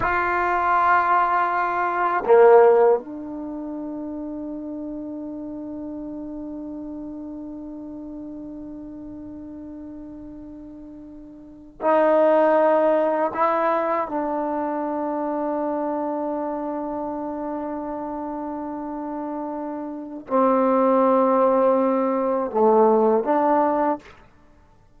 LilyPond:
\new Staff \with { instrumentName = "trombone" } { \time 4/4 \tempo 4 = 80 f'2. ais4 | d'1~ | d'1~ | d'2.~ d'8. dis'16~ |
dis'4.~ dis'16 e'4 d'4~ d'16~ | d'1~ | d'2. c'4~ | c'2 a4 d'4 | }